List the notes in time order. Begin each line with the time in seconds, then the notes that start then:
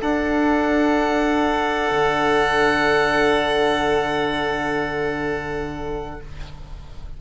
0.00 D4 A4 F#5
1.90 D3